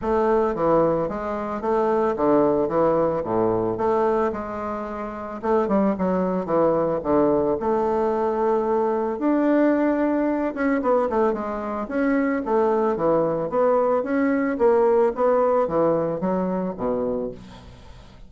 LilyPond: \new Staff \with { instrumentName = "bassoon" } { \time 4/4 \tempo 4 = 111 a4 e4 gis4 a4 | d4 e4 a,4 a4 | gis2 a8 g8 fis4 | e4 d4 a2~ |
a4 d'2~ d'8 cis'8 | b8 a8 gis4 cis'4 a4 | e4 b4 cis'4 ais4 | b4 e4 fis4 b,4 | }